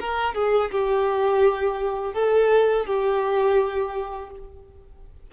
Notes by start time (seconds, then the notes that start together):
0.00 A#4
0.35 G#4
0.71 G4
2.14 A4
2.86 G4